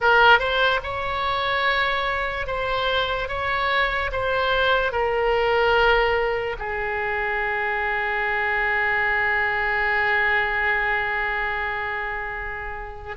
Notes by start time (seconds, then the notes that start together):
0.00 A#4
0.39 C5
0.83 C#5
2.47 C5
3.28 C#5
4.11 C5
4.92 A#4
6.58 G#4